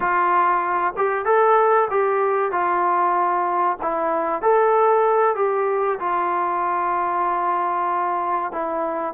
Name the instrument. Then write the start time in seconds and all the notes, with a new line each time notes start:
trombone
0.00 F4
0.96 G4
1.25 A4
1.90 G4
2.51 F4
3.82 E4
4.42 A4
5.35 G4
5.99 F4
8.52 E4